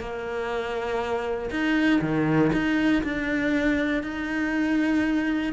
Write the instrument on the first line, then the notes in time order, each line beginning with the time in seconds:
cello
0.00 A#3
1.50 D#4
2.01 D#3
2.53 D#4
3.03 D4
4.03 D#4